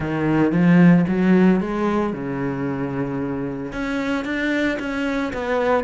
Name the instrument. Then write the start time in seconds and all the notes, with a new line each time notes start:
cello
0.00 D#3
0.52 F3
1.08 F#3
1.60 G#3
2.13 C#3
3.72 C#4
4.24 D4
4.79 C#4
5.33 B3